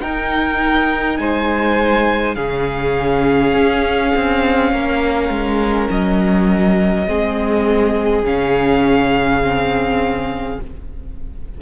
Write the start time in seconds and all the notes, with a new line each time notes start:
0.00 D#4 A#4 G5
1.17 G#3 C5 G#5
2.35 C#3 C#4 G#4 F5
3.54 C#4
4.15 C4
4.72 A#3 A#4
5.29 G#3
5.90 F#3 D#5
7.07 G#3 C4 G#4
8.23 C#3 C#4 F5
9.41 C4